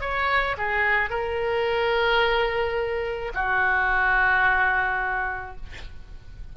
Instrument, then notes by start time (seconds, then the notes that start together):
oboe
0.00 C#5
0.57 G#4
1.10 A#4
3.34 F#4